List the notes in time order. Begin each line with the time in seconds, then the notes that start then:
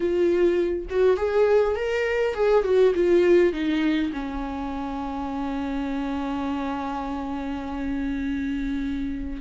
0.00 F4
0.89 F#4
1.16 G#4
1.75 A#4
2.34 G#4
2.64 F#4
2.94 F4
3.53 D#4
4.12 C#4